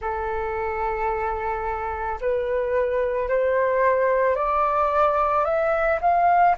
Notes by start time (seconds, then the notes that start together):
0.00 A4
2.21 B4
3.28 C5
4.35 D5
5.44 E5
6.00 F5